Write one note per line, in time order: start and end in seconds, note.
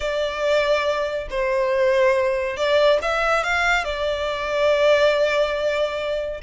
0.00 1.28 D5
1.30 2.57 C5
2.57 2.99 D5
3.02 3.43 E5
3.43 3.84 F5
3.84 6.41 D5